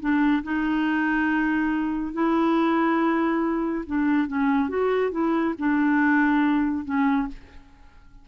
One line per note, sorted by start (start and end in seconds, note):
0.00 0.43 D4
0.43 2.13 D#4
2.13 3.85 E4
3.86 4.28 D4
4.28 4.69 C#4
4.69 5.11 F#4
5.11 5.54 E4
5.59 6.85 D4
6.85 7.28 C#4